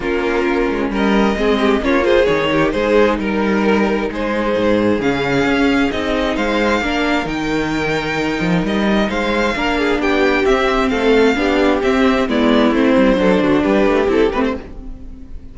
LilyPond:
<<
  \new Staff \with { instrumentName = "violin" } { \time 4/4 \tempo 4 = 132 ais'2 dis''2 | cis''8 c''8 cis''4 c''4 ais'4~ | ais'4 c''2 f''4~ | f''4 dis''4 f''2 |
g''2. dis''4 | f''2 g''4 e''4 | f''2 e''4 d''4 | c''2 b'4 a'8 b'16 c''16 | }
  \new Staff \with { instrumentName = "violin" } { \time 4/4 f'2 ais'4 gis'8 g'8 | f'8 gis'4 g'8 gis'4 ais'4~ | ais'4 gis'2.~ | gis'2 c''4 ais'4~ |
ais'1 | c''4 ais'8 gis'8 g'2 | a'4 g'2 e'4~ | e'4 a'8 fis'8 g'2 | }
  \new Staff \with { instrumentName = "viola" } { \time 4/4 cis'2. c'4 | cis'8 f'8 dis'2.~ | dis'2. cis'4~ | cis'4 dis'2 d'4 |
dis'1~ | dis'4 d'2 c'4~ | c'4 d'4 c'4 b4 | c'4 d'2 e'8 c'8 | }
  \new Staff \with { instrumentName = "cello" } { \time 4/4 ais4. gis8 g4 gis4 | ais4 dis4 gis4 g4~ | g4 gis4 gis,4 cis4 | cis'4 c'4 gis4 ais4 |
dis2~ dis8 f8 g4 | gis4 ais4 b4 c'4 | a4 b4 c'4 gis4 | a8 g8 fis8 d8 g8 a8 c'8 a8 | }
>>